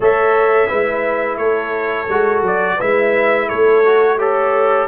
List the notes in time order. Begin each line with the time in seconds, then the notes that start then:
0.00 A3 A4 C#5 E5
0.68 G#3 E4 B4
1.37 A3 A4 C#5
2.08 G#3 F#4
2.41 F#3 D5
2.76 G#3 E4 B4 E5
3.47 A3 A4 C#5
3.84 F#4
4.18 G4 A4 C#5